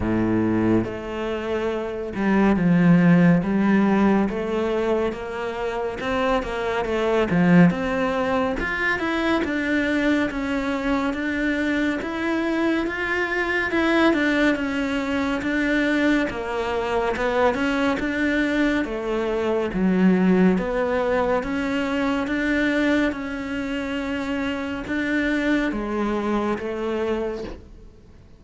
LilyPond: \new Staff \with { instrumentName = "cello" } { \time 4/4 \tempo 4 = 70 a,4 a4. g8 f4 | g4 a4 ais4 c'8 ais8 | a8 f8 c'4 f'8 e'8 d'4 | cis'4 d'4 e'4 f'4 |
e'8 d'8 cis'4 d'4 ais4 | b8 cis'8 d'4 a4 fis4 | b4 cis'4 d'4 cis'4~ | cis'4 d'4 gis4 a4 | }